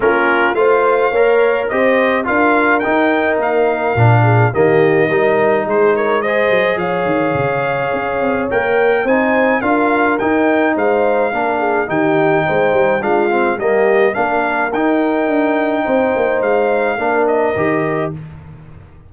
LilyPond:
<<
  \new Staff \with { instrumentName = "trumpet" } { \time 4/4 \tempo 4 = 106 ais'4 f''2 dis''4 | f''4 g''4 f''2 | dis''2 c''8 cis''8 dis''4 | f''2. g''4 |
gis''4 f''4 g''4 f''4~ | f''4 g''2 f''4 | dis''4 f''4 g''2~ | g''4 f''4. dis''4. | }
  \new Staff \with { instrumentName = "horn" } { \time 4/4 f'4 c''4 cis''4 c''4 | ais'2.~ ais'8 gis'8 | g'4 ais'4 gis'8 ais'8 c''4 | cis''1 |
c''4 ais'2 c''4 | ais'8 gis'8 g'4 c''4 f'4 | g'4 ais'2. | c''2 ais'2 | }
  \new Staff \with { instrumentName = "trombone" } { \time 4/4 cis'4 f'4 ais'4 g'4 | f'4 dis'2 d'4 | ais4 dis'2 gis'4~ | gis'2. ais'4 |
dis'4 f'4 dis'2 | d'4 dis'2 d'8 c'8 | ais4 d'4 dis'2~ | dis'2 d'4 g'4 | }
  \new Staff \with { instrumentName = "tuba" } { \time 4/4 ais4 a4 ais4 c'4 | d'4 dis'4 ais4 ais,4 | dis4 g4 gis4. fis8 | f8 dis8 cis4 cis'8 c'8 ais4 |
c'4 d'4 dis'4 gis4 | ais4 dis4 gis8 g8 gis4 | g4 ais4 dis'4 d'4 | c'8 ais8 gis4 ais4 dis4 | }
>>